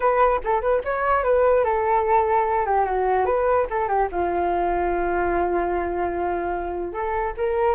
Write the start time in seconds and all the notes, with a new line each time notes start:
0.00 B4
0.44 A4
0.61 B4
0.84 C#5
1.23 B4
1.64 A4
2.65 G4
2.85 F#4
3.25 B4
3.70 A4
3.88 G4
4.11 F4
6.93 A4
7.37 A#4